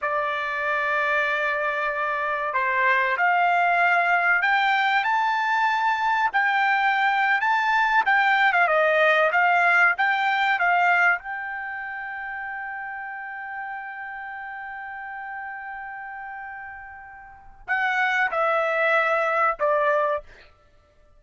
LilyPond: \new Staff \with { instrumentName = "trumpet" } { \time 4/4 \tempo 4 = 95 d''1 | c''4 f''2 g''4 | a''2 g''4.~ g''16 a''16~ | a''8. g''8. f''16 dis''4 f''4 g''16~ |
g''8. f''4 g''2~ g''16~ | g''1~ | g''1 | fis''4 e''2 d''4 | }